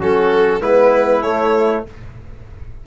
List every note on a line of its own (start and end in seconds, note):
0.00 0.61 F#3
0.00 0.60 C#4
0.00 0.62 F#4
0.00 0.63 A4
0.60 1.23 G#3
0.60 1.22 B3
0.60 1.86 E4
0.60 1.23 B4
1.23 1.85 A3
1.23 1.87 A3
1.23 1.85 C#5